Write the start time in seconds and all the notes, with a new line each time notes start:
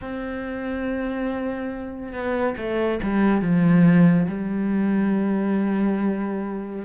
0.01 C4
2.12 B3
2.57 A3
3.02 G3
3.41 F3
4.27 G3